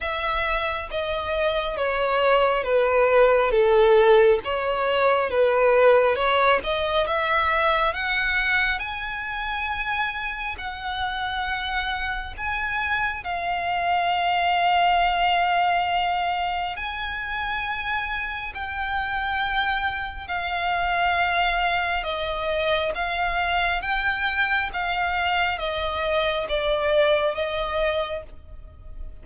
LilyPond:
\new Staff \with { instrumentName = "violin" } { \time 4/4 \tempo 4 = 68 e''4 dis''4 cis''4 b'4 | a'4 cis''4 b'4 cis''8 dis''8 | e''4 fis''4 gis''2 | fis''2 gis''4 f''4~ |
f''2. gis''4~ | gis''4 g''2 f''4~ | f''4 dis''4 f''4 g''4 | f''4 dis''4 d''4 dis''4 | }